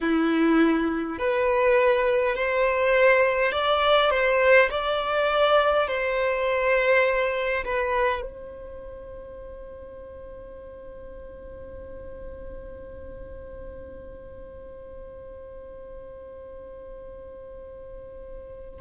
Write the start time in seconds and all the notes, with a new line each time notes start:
0.01 E4
1.18 B4
2.35 C5
3.51 D5
4.10 C5
4.70 D5
5.87 C5
7.65 B4
8.21 C5